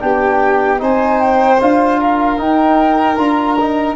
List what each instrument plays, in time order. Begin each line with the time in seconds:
0.00 tuba B3, trombone D4, violin G4, flute G5
0.79 tuba C4, trombone D#4, violin C5, flute G#5
1.21 flute G5
1.61 tuba D4, trombone F4, flute F5
2.00 violin A#4
2.38 trombone D#4, tuba D#4, flute G5
3.16 tuba D4, trombone F4, flute A#5
3.60 trombone D#4